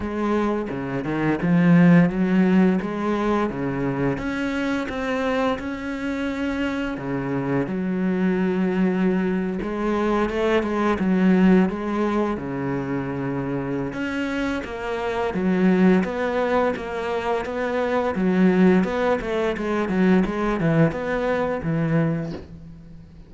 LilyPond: \new Staff \with { instrumentName = "cello" } { \time 4/4 \tempo 4 = 86 gis4 cis8 dis8 f4 fis4 | gis4 cis4 cis'4 c'4 | cis'2 cis4 fis4~ | fis4.~ fis16 gis4 a8 gis8 fis16~ |
fis8. gis4 cis2~ cis16 | cis'4 ais4 fis4 b4 | ais4 b4 fis4 b8 a8 | gis8 fis8 gis8 e8 b4 e4 | }